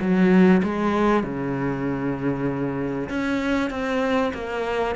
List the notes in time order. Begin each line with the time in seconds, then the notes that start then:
0.00 F#3
0.63 G#3
1.23 C#3
3.09 C#4
3.70 C4
4.34 A#3